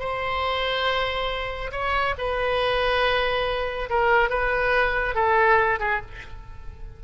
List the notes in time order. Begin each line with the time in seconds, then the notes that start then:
0.00 C5
1.72 C#5
2.18 B4
3.90 A#4
4.30 B4
5.15 A4
5.80 G#4